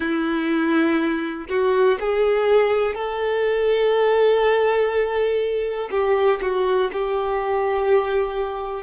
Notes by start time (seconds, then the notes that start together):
0.00 E4
1.49 F#4
1.99 G#4
2.94 A4
5.91 G4
6.42 F#4
6.92 G4